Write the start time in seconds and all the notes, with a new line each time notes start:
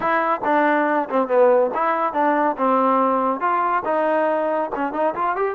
0.00 E4
0.44 D4
1.09 C4
1.28 B3
1.74 E4
2.13 D4
2.57 C4
3.40 F4
3.85 D#4
4.75 C#4
4.93 D#4
5.14 F4
5.36 G4